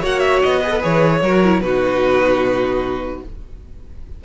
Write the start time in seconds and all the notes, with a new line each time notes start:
0.00 A#3 F#4 C#5 F#5
0.19 E5
0.42 B3 D#5
0.59 G#4 B4
0.70 A4
0.80 E3 G#4 C#5
1.21 F#3 F#4 A#4
1.43 E4
1.60 B2 D#4 F#4 B4